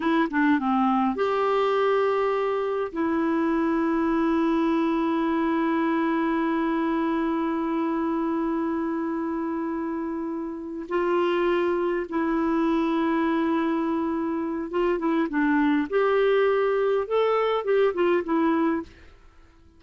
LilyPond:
\new Staff \with { instrumentName = "clarinet" } { \time 4/4 \tempo 4 = 102 e'8 d'8 c'4 g'2~ | g'4 e'2.~ | e'1~ | e'1~ |
e'2~ e'8 f'4.~ | f'8 e'2.~ e'8~ | e'4 f'8 e'8 d'4 g'4~ | g'4 a'4 g'8 f'8 e'4 | }